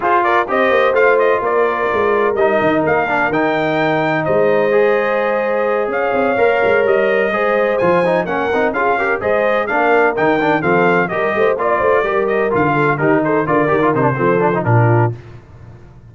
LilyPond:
<<
  \new Staff \with { instrumentName = "trumpet" } { \time 4/4 \tempo 4 = 127 c''8 d''8 dis''4 f''8 dis''8 d''4~ | d''4 dis''4 f''4 g''4~ | g''4 dis''2.~ | dis''8 f''2 dis''4.~ |
dis''8 gis''4 fis''4 f''4 dis''8~ | dis''8 f''4 g''4 f''4 dis''8~ | dis''8 d''4. dis''8 f''4 ais'8 | c''8 d''4 c''4. ais'4 | }
  \new Staff \with { instrumentName = "horn" } { \time 4/4 gis'8 ais'8 c''2 ais'4~ | ais'1~ | ais'4 c''2.~ | c''8 cis''2. c''8~ |
c''4. ais'4 gis'8 ais'8 c''8~ | c''8 ais'2 a'4 ais'8 | c''8 d''8 c''8 ais'4. a'8 g'8 | a'8 ais'4. a'4 f'4 | }
  \new Staff \with { instrumentName = "trombone" } { \time 4/4 f'4 g'4 f'2~ | f'4 dis'4. d'8 dis'4~ | dis'2 gis'2~ | gis'4. ais'2 gis'8~ |
gis'8 f'8 dis'8 cis'8 dis'8 f'8 g'8 gis'8~ | gis'8 d'4 dis'8 d'8 c'4 g'8~ | g'8 f'4 g'4 f'4 dis'8~ | dis'8 f'8 g'16 f'16 dis'16 d'16 c'8 d'16 dis'16 d'4 | }
  \new Staff \with { instrumentName = "tuba" } { \time 4/4 f'4 c'8 ais8 a4 ais4 | gis4 g8 dis8 ais4 dis4~ | dis4 gis2.~ | gis8 cis'8 c'8 ais8 gis8 g4 gis8~ |
gis8 f4 ais8 c'8 cis'4 gis8~ | gis8 ais4 dis4 f4 g8 | a8 ais8 a8 g4 d4 dis8~ | dis8 d8 dis8 c8 f4 ais,4 | }
>>